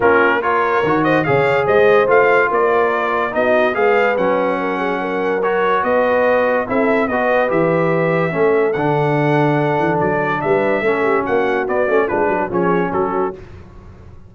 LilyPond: <<
  \new Staff \with { instrumentName = "trumpet" } { \time 4/4 \tempo 4 = 144 ais'4 cis''4. dis''8 f''4 | dis''4 f''4 d''2 | dis''4 f''4 fis''2~ | fis''4 cis''4 dis''2 |
e''4 dis''4 e''2~ | e''4 fis''2. | d''4 e''2 fis''4 | d''4 b'4 cis''4 a'4 | }
  \new Staff \with { instrumentName = "horn" } { \time 4/4 f'4 ais'4. c''8 cis''4 | c''2 ais'2 | fis'4 b'2 ais'8 gis'8 | ais'2 b'2 |
a'4 b'2. | a'1~ | a'4 b'4 a'8 g'8 fis'4~ | fis'4 f'8 fis'8 gis'4 fis'4 | }
  \new Staff \with { instrumentName = "trombone" } { \time 4/4 cis'4 f'4 fis'4 gis'4~ | gis'4 f'2. | dis'4 gis'4 cis'2~ | cis'4 fis'2. |
e'4 fis'4 g'2 | cis'4 d'2.~ | d'2 cis'2 | b8 cis'8 d'4 cis'2 | }
  \new Staff \with { instrumentName = "tuba" } { \time 4/4 ais2 dis4 cis4 | gis4 a4 ais2 | b4 gis4 fis2~ | fis2 b2 |
c'4 b4 e2 | a4 d2~ d8 e8 | fis4 g4 a4 ais4 | b8 a8 gis8 fis8 f4 fis4 | }
>>